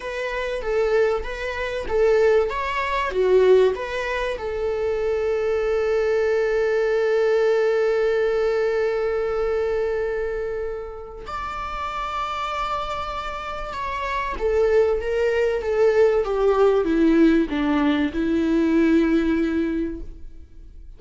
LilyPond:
\new Staff \with { instrumentName = "viola" } { \time 4/4 \tempo 4 = 96 b'4 a'4 b'4 a'4 | cis''4 fis'4 b'4 a'4~ | a'1~ | a'1~ |
a'2 d''2~ | d''2 cis''4 a'4 | ais'4 a'4 g'4 e'4 | d'4 e'2. | }